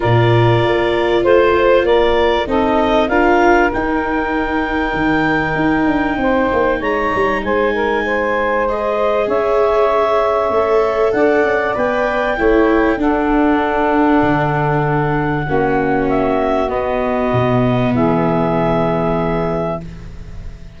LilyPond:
<<
  \new Staff \with { instrumentName = "clarinet" } { \time 4/4 \tempo 4 = 97 d''2 c''4 d''4 | dis''4 f''4 g''2~ | g''2. ais''4 | gis''2 dis''4 e''4~ |
e''2 fis''4 g''4~ | g''4 fis''2.~ | fis''2 e''4 dis''4~ | dis''4 e''2. | }
  \new Staff \with { instrumentName = "saxophone" } { \time 4/4 ais'2 c''4 ais'4 | a'4 ais'2.~ | ais'2 c''4 cis''4 | c''8 ais'8 c''2 cis''4~ |
cis''2 d''2 | cis''4 a'2.~ | a'4 fis'2.~ | fis'4 gis'2. | }
  \new Staff \with { instrumentName = "viola" } { \time 4/4 f'1 | dis'4 f'4 dis'2~ | dis'1~ | dis'2 gis'2~ |
gis'4 a'2 b'4 | e'4 d'2.~ | d'4 cis'2 b4~ | b1 | }
  \new Staff \with { instrumentName = "tuba" } { \time 4/4 ais,4 ais4 a4 ais4 | c'4 d'4 dis'2 | dis4 dis'8 d'8 c'8 ais8 gis8 g8 | gis2. cis'4~ |
cis'4 a4 d'8 cis'8 b4 | a4 d'2 d4~ | d4 ais2 b4 | b,4 e2. | }
>>